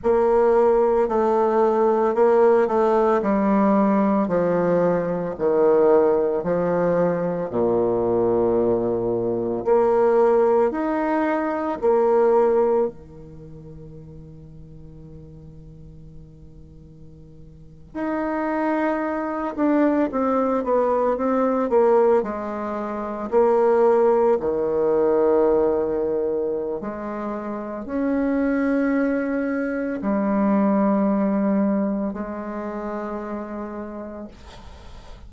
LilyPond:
\new Staff \with { instrumentName = "bassoon" } { \time 4/4 \tempo 4 = 56 ais4 a4 ais8 a8 g4 | f4 dis4 f4 ais,4~ | ais,4 ais4 dis'4 ais4 | dis1~ |
dis8. dis'4. d'8 c'8 b8 c'16~ | c'16 ais8 gis4 ais4 dis4~ dis16~ | dis4 gis4 cis'2 | g2 gis2 | }